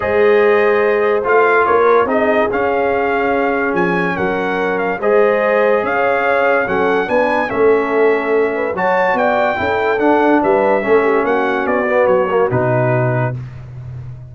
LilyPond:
<<
  \new Staff \with { instrumentName = "trumpet" } { \time 4/4 \tempo 4 = 144 dis''2. f''4 | cis''4 dis''4 f''2~ | f''4 gis''4 fis''4. f''8 | dis''2 f''2 |
fis''4 gis''4 e''2~ | e''4 a''4 g''2 | fis''4 e''2 fis''4 | d''4 cis''4 b'2 | }
  \new Staff \with { instrumentName = "horn" } { \time 4/4 c''1 | ais'4 gis'2.~ | gis'2 ais'2 | c''2 cis''2 |
a'4 b'4 a'2~ | a'8 b'8 cis''4 d''4 a'4~ | a'4 b'4 a'8 g'8 fis'4~ | fis'1 | }
  \new Staff \with { instrumentName = "trombone" } { \time 4/4 gis'2. f'4~ | f'4 dis'4 cis'2~ | cis'1 | gis'1 |
cis'4 d'4 cis'2~ | cis'4 fis'2 e'4 | d'2 cis'2~ | cis'8 b4 ais8 dis'2 | }
  \new Staff \with { instrumentName = "tuba" } { \time 4/4 gis2. a4 | ais4 c'4 cis'2~ | cis'4 f4 fis2 | gis2 cis'2 |
fis4 b4 a2~ | a4 fis4 b4 cis'4 | d'4 g4 a4 ais4 | b4 fis4 b,2 | }
>>